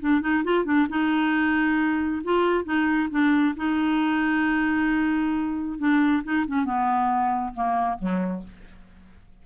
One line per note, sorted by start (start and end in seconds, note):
0.00 0.21 D4
0.21 0.44 D#4
0.44 0.65 F4
0.65 0.87 D4
0.89 2.22 D#4
2.24 2.64 F4
2.64 3.09 D#4
3.11 3.55 D4
3.56 5.78 D#4
5.78 6.23 D4
6.23 6.46 D#4
6.47 6.65 C#4
6.65 7.54 B3
7.54 7.98 A#3
7.99 8.43 F#3